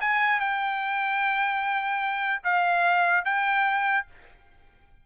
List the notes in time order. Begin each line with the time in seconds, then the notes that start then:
0.00 G#5
0.39 G5
2.43 F5
3.25 G5